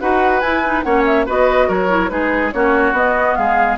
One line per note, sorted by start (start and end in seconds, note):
0.00 0.42 D#4
0.00 0.42 F#4
0.00 0.85 B4
0.00 0.40 F#5
0.40 0.84 E4
0.40 0.64 E4
0.40 0.82 G#5
0.65 0.85 D#4
0.83 1.27 A#3
0.83 1.27 C#4
0.83 1.26 C#5
0.83 1.03 F#5
1.06 1.27 E5
1.26 1.68 B3
1.26 1.89 F#4
1.26 1.68 B4
1.26 1.70 D#5
1.68 2.10 F#3
1.68 2.10 A#4
1.68 2.09 C#5
1.89 2.09 E4
2.09 2.53 G#3
2.09 2.51 D#4
2.09 2.54 G#4
2.09 2.51 B4
2.52 2.92 A#3
2.52 2.94 C#4
2.52 3.38 F#4
2.52 2.94 C#5
2.92 3.34 B3
2.92 3.77 B3
2.92 3.35 D#5
3.35 3.77 G#3
3.35 3.77 G#4
3.35 3.77 F5